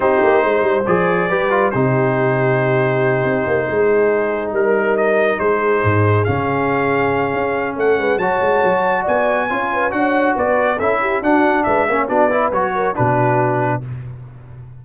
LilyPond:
<<
  \new Staff \with { instrumentName = "trumpet" } { \time 4/4 \tempo 4 = 139 c''2 d''2 | c''1~ | c''2~ c''8 ais'4 dis''8~ | dis''8 c''2 f''4.~ |
f''2 fis''4 a''4~ | a''4 gis''2 fis''4 | d''4 e''4 fis''4 e''4 | d''4 cis''4 b'2 | }
  \new Staff \with { instrumentName = "horn" } { \time 4/4 g'4 c''2 b'4 | g'1~ | g'8 gis'2 ais'4.~ | ais'8 gis'2.~ gis'8~ |
gis'2 a'8 b'8 cis''4~ | cis''4 d''4 cis''8 b'8 cis''4 | b'4 a'8 g'8 fis'4 b'8 cis''8 | fis'8 b'4 ais'8 fis'2 | }
  \new Staff \with { instrumentName = "trombone" } { \time 4/4 dis'2 gis'4 g'8 f'8 | dis'1~ | dis'1~ | dis'2~ dis'8 cis'4.~ |
cis'2. fis'4~ | fis'2 f'4 fis'4~ | fis'4 e'4 d'4. cis'8 | d'8 e'8 fis'4 d'2 | }
  \new Staff \with { instrumentName = "tuba" } { \time 4/4 c'8 ais8 gis8 g8 f4 g4 | c2.~ c8 c'8 | ais8 gis2 g4.~ | g8 gis4 gis,4 cis4.~ |
cis4 cis'4 a8 gis8 fis8 gis8 | fis4 b4 cis'4 d'4 | b4 cis'4 d'4 gis8 ais8 | b4 fis4 b,2 | }
>>